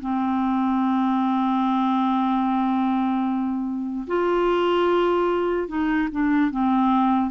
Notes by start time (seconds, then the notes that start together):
0.00 C4
4.07 F4
5.68 D#4
6.11 D4
6.50 C4